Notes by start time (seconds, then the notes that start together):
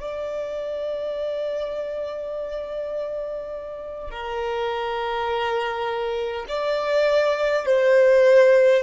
0.00 D5
4.11 A#4
6.49 D5
7.66 C5